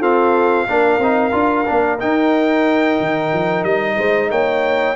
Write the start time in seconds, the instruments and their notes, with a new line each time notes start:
0.00 trombone C4, tuba F4, horn A4, trumpet F5
0.68 tuba A#3, trombone D4, horn A#4
0.99 tuba C4, trombone D#4
1.33 tuba D4, trombone F4
1.66 tuba A#3, trombone D4
2.00 trombone D#4, tuba D#4, trumpet G5
3.01 tuba D#3
3.34 tuba F3
3.64 tuba G3, trumpet D#5
3.97 tuba G#3, horn C5
4.31 tuba A#3, horn C#5, trumpet G5